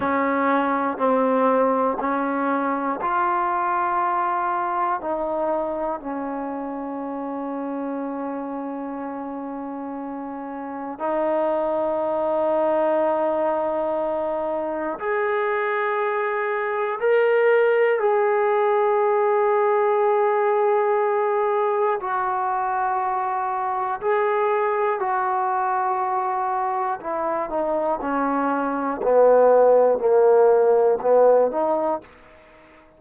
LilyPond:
\new Staff \with { instrumentName = "trombone" } { \time 4/4 \tempo 4 = 60 cis'4 c'4 cis'4 f'4~ | f'4 dis'4 cis'2~ | cis'2. dis'4~ | dis'2. gis'4~ |
gis'4 ais'4 gis'2~ | gis'2 fis'2 | gis'4 fis'2 e'8 dis'8 | cis'4 b4 ais4 b8 dis'8 | }